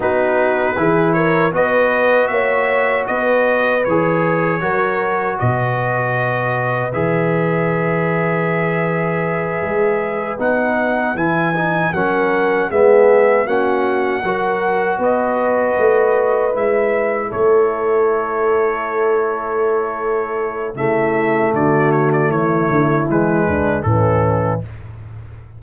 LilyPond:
<<
  \new Staff \with { instrumentName = "trumpet" } { \time 4/4 \tempo 4 = 78 b'4. cis''8 dis''4 e''4 | dis''4 cis''2 dis''4~ | dis''4 e''2.~ | e''4. fis''4 gis''4 fis''8~ |
fis''8 e''4 fis''2 dis''8~ | dis''4. e''4 cis''4.~ | cis''2. e''4 | d''8 cis''16 d''16 cis''4 b'4 a'4 | }
  \new Staff \with { instrumentName = "horn" } { \time 4/4 fis'4 gis'8 ais'8 b'4 cis''4 | b'2 ais'4 b'4~ | b'1~ | b'2.~ b'8 ais'8~ |
ais'8 gis'4 fis'4 ais'4 b'8~ | b'2~ b'8 a'4.~ | a'2. e'4 | fis'4 e'4. d'8 cis'4 | }
  \new Staff \with { instrumentName = "trombone" } { \time 4/4 dis'4 e'4 fis'2~ | fis'4 gis'4 fis'2~ | fis'4 gis'2.~ | gis'4. dis'4 e'8 dis'8 cis'8~ |
cis'8 b4 cis'4 fis'4.~ | fis'4. e'2~ e'8~ | e'2. a4~ | a2 gis4 e4 | }
  \new Staff \with { instrumentName = "tuba" } { \time 4/4 b4 e4 b4 ais4 | b4 e4 fis4 b,4~ | b,4 e2.~ | e8 gis4 b4 e4 fis8~ |
fis8 gis4 ais4 fis4 b8~ | b8 a4 gis4 a4.~ | a2. cis4 | d4 e8 d8 e8 d,8 a,4 | }
>>